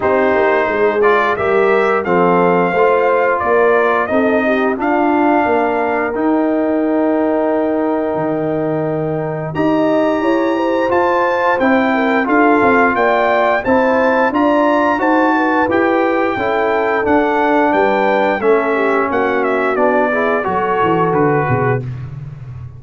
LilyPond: <<
  \new Staff \with { instrumentName = "trumpet" } { \time 4/4 \tempo 4 = 88 c''4. d''8 e''4 f''4~ | f''4 d''4 dis''4 f''4~ | f''4 g''2.~ | g''2 ais''2 |
a''4 g''4 f''4 g''4 | a''4 ais''4 a''4 g''4~ | g''4 fis''4 g''4 e''4 | fis''8 e''8 d''4 cis''4 b'4 | }
  \new Staff \with { instrumentName = "horn" } { \time 4/4 g'4 gis'4 ais'4 a'4 | c''4 ais'4 a'8 g'8 f'4 | ais'1~ | ais'2 dis''4 cis''8 c''8~ |
c''4. ais'8 a'4 d''4 | c''4 d''4 c''8 b'4. | a'2 b'4 a'8 g'8 | fis'4. gis'8 a'4. gis'8 | }
  \new Staff \with { instrumentName = "trombone" } { \time 4/4 dis'4. f'8 g'4 c'4 | f'2 dis'4 d'4~ | d'4 dis'2.~ | dis'2 g'2 |
f'4 e'4 f'2 | e'4 f'4 fis'4 g'4 | e'4 d'2 cis'4~ | cis'4 d'8 e'8 fis'2 | }
  \new Staff \with { instrumentName = "tuba" } { \time 4/4 c'8 ais8 gis4 g4 f4 | a4 ais4 c'4 d'4 | ais4 dis'2. | dis2 dis'4 e'4 |
f'4 c'4 d'8 c'8 ais4 | c'4 d'4 dis'4 e'4 | cis'4 d'4 g4 a4 | ais4 b4 fis8 e8 d8 b,8 | }
>>